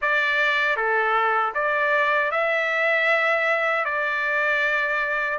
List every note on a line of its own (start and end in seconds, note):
0.01 0.76 D5
0.76 1.53 A4
1.54 2.31 D5
2.31 3.85 E5
3.85 5.38 D5